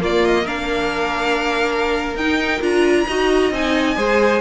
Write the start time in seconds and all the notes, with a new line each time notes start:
0.00 A#3 F4 D5
0.25 D#5
0.44 D4 A#4 F5
2.15 D#4 G5
2.61 D4 F4 A#5
3.07 D#4 F#4 D#5
3.51 C4 D#4 G#5
3.96 G#3 G#4 C5